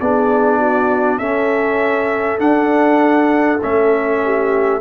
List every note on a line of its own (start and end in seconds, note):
0.00 1.19 B3
0.00 1.21 D4
0.00 0.58 G#4
0.00 1.18 D5
0.58 1.19 F#4
1.18 2.39 C#4
1.18 4.19 A4
1.18 2.38 E5
2.39 3.59 D4
2.39 3.60 F#5
3.62 4.80 A3
3.62 4.80 C#4
3.62 4.80 E5
4.24 4.80 G4